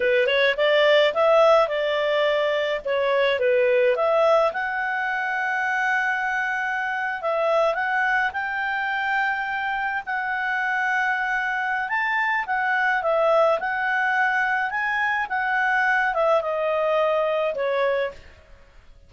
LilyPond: \new Staff \with { instrumentName = "clarinet" } { \time 4/4 \tempo 4 = 106 b'8 cis''8 d''4 e''4 d''4~ | d''4 cis''4 b'4 e''4 | fis''1~ | fis''8. e''4 fis''4 g''4~ g''16~ |
g''4.~ g''16 fis''2~ fis''16~ | fis''4 a''4 fis''4 e''4 | fis''2 gis''4 fis''4~ | fis''8 e''8 dis''2 cis''4 | }